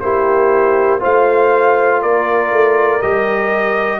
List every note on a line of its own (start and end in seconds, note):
0.00 1.01 A#3
0.00 1.00 E4
0.00 1.00 G4
0.00 1.00 C5
1.00 2.03 A3
1.00 3.00 F4
1.00 2.00 C5
1.00 2.02 F5
2.02 2.51 A#3
2.02 4.00 A#4
2.02 3.01 D5
2.51 3.01 A3
3.01 4.00 G3
3.01 4.00 G4
3.01 4.00 D#5